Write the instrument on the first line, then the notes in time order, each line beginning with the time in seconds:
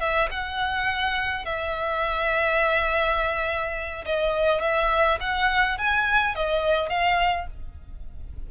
violin
0.00 E5
0.31 F#5
1.45 E5
4.06 D#5
4.61 E5
5.21 F#5
5.78 G#5
6.35 D#5
6.89 F5